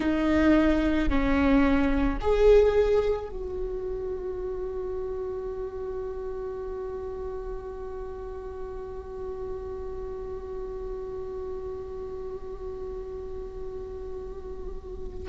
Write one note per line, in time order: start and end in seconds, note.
0.00 1.09 D#4
1.09 2.18 C#4
2.20 3.29 G#4
3.29 15.28 F#4